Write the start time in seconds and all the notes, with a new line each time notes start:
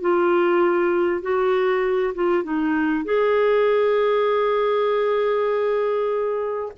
0.00 F4
1.22 F#4
2.14 F4
2.43 D#4
3.04 G#4